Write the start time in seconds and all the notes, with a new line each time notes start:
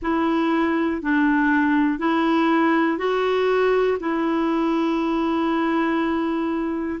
0.02 E4
1.01 D4
1.99 E4
2.97 F#4
4.00 E4